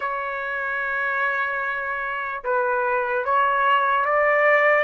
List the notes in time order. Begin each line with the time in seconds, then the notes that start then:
0.00 C#5
2.44 B4
3.24 C#5
4.05 D5